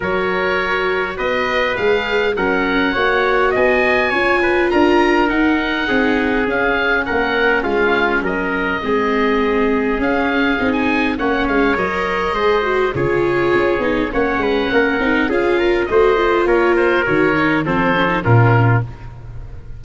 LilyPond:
<<
  \new Staff \with { instrumentName = "oboe" } { \time 4/4 \tempo 4 = 102 cis''2 dis''4 f''4 | fis''2 gis''2 | ais''4 fis''2 f''4 | fis''4 f''4 dis''2~ |
dis''4 f''4~ f''16 gis''8. fis''8 f''8 | dis''2 cis''2 | fis''2 f''4 dis''4 | cis''8 c''8 cis''4 c''4 ais'4 | }
  \new Staff \with { instrumentName = "trumpet" } { \time 4/4 ais'2 b'2 | ais'4 cis''4 dis''4 cis''8 b'8 | ais'2 gis'2 | ais'4 f'4 ais'4 gis'4~ |
gis'2. cis''4~ | cis''4 c''4 gis'2 | cis''8 b'8 ais'4 gis'8 ais'8 c''4 | ais'2 a'4 f'4 | }
  \new Staff \with { instrumentName = "viola" } { \time 4/4 fis'2. gis'4 | cis'4 fis'2 f'4~ | f'4 dis'2 cis'4~ | cis'2. c'4~ |
c'4 cis'4 dis'4 cis'4 | ais'4 gis'8 fis'8 f'4. dis'8 | cis'4. dis'8 f'4 fis'8 f'8~ | f'4 fis'8 dis'8 c'8 cis'16 dis'16 cis'4 | }
  \new Staff \with { instrumentName = "tuba" } { \time 4/4 fis2 b4 gis4 | fis4 ais4 b4 cis'4 | d'4 dis'4 c'4 cis'4 | ais4 gis4 fis4 gis4~ |
gis4 cis'4 c'4 ais8 gis8 | fis4 gis4 cis4 cis'8 b8 | ais8 gis8 ais8 c'8 cis'4 a4 | ais4 dis4 f4 ais,4 | }
>>